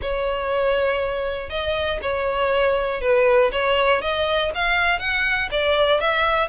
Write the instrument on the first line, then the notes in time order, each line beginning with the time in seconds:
violin
0.01 C#5
1.49 D#5
2.02 C#5
3.01 B4
3.52 C#5
4.01 D#5
4.54 F5
4.99 F#5
5.51 D5
6.00 E5